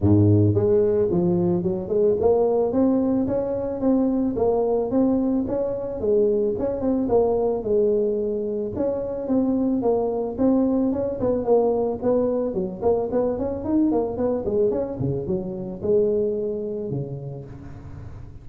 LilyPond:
\new Staff \with { instrumentName = "tuba" } { \time 4/4 \tempo 4 = 110 gis,4 gis4 f4 fis8 gis8 | ais4 c'4 cis'4 c'4 | ais4 c'4 cis'4 gis4 | cis'8 c'8 ais4 gis2 |
cis'4 c'4 ais4 c'4 | cis'8 b8 ais4 b4 fis8 ais8 | b8 cis'8 dis'8 ais8 b8 gis8 cis'8 cis8 | fis4 gis2 cis4 | }